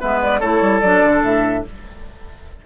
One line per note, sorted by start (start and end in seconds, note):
0.00 0.41 G#3
0.00 0.41 B3
0.00 0.40 B4
0.00 0.21 E5
0.22 0.40 D5
0.40 0.61 A3
0.40 0.82 E4
0.40 1.63 A4
0.40 0.80 C#5
0.61 0.82 G3
0.80 1.02 F#3
0.80 1.66 D4
0.80 1.21 D5
1.04 1.23 D3
1.23 1.64 A2
1.23 1.65 E5